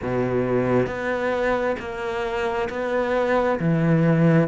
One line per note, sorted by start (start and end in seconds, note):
0.02 0.86 B2
0.86 1.75 B3
1.79 2.68 A#3
2.69 3.59 B3
3.59 4.48 E3